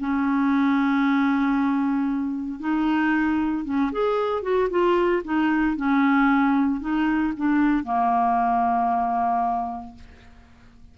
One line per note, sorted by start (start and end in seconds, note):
0.00 2.60 C#4
2.60 3.65 D#4
3.65 3.91 C#4
3.92 4.43 G#4
4.43 4.69 F#4
4.70 5.23 F4
5.25 5.77 D#4
5.77 6.81 C#4
6.81 7.33 D#4
7.37 7.84 D4
7.84 9.95 A#3